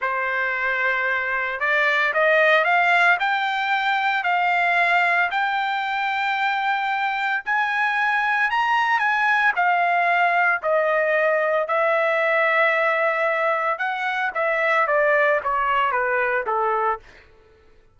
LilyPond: \new Staff \with { instrumentName = "trumpet" } { \time 4/4 \tempo 4 = 113 c''2. d''4 | dis''4 f''4 g''2 | f''2 g''2~ | g''2 gis''2 |
ais''4 gis''4 f''2 | dis''2 e''2~ | e''2 fis''4 e''4 | d''4 cis''4 b'4 a'4 | }